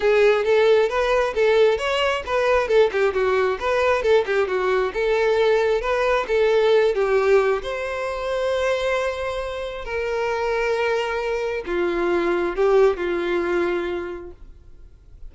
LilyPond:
\new Staff \with { instrumentName = "violin" } { \time 4/4 \tempo 4 = 134 gis'4 a'4 b'4 a'4 | cis''4 b'4 a'8 g'8 fis'4 | b'4 a'8 g'8 fis'4 a'4~ | a'4 b'4 a'4. g'8~ |
g'4 c''2.~ | c''2 ais'2~ | ais'2 f'2 | g'4 f'2. | }